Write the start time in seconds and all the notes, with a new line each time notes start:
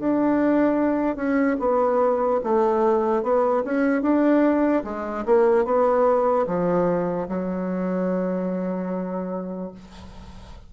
0.00 D4
1.16 C#4
1.60 B3
2.44 A3
3.23 B3
3.65 C#4
4.02 D4
4.85 G#3
5.26 A#3
5.65 B3
6.47 F3
7.29 F#3